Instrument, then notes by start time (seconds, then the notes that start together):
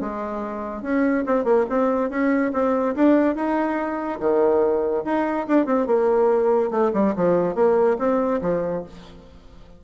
bassoon
0.00 G#3
0.82 C#4
1.26 C4
1.44 A#3
1.69 C4
2.10 C#4
2.53 C4
2.95 D4
3.35 D#4
4.20 D#3
5.04 D#4
5.48 D4
5.65 C4
5.86 A#3
6.70 A3
6.93 G3
7.16 F3
7.55 A#3
7.98 C4
8.41 F3